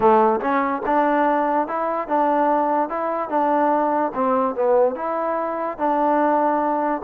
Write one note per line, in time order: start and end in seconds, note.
0.00 0.40 A3
0.40 0.82 C#4
0.86 1.67 D4
1.67 2.08 E4
2.08 2.89 D4
2.89 3.29 E4
3.29 4.12 D4
4.14 4.55 C4
4.55 4.95 B3
4.95 5.77 E4
5.77 7.02 D4